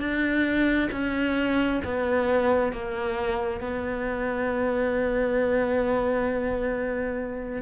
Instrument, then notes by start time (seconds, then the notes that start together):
cello
0.00 D4
0.92 C#4
1.84 B3
2.73 A#3
3.61 B3